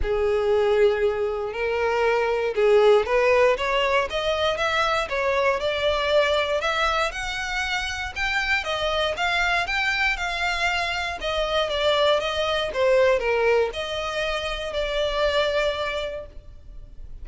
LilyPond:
\new Staff \with { instrumentName = "violin" } { \time 4/4 \tempo 4 = 118 gis'2. ais'4~ | ais'4 gis'4 b'4 cis''4 | dis''4 e''4 cis''4 d''4~ | d''4 e''4 fis''2 |
g''4 dis''4 f''4 g''4 | f''2 dis''4 d''4 | dis''4 c''4 ais'4 dis''4~ | dis''4 d''2. | }